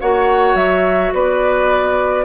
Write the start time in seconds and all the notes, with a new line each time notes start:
0.00 A#3 F#4 C#5 F#5
0.54 F#3 E5
1.12 B3 B4 D5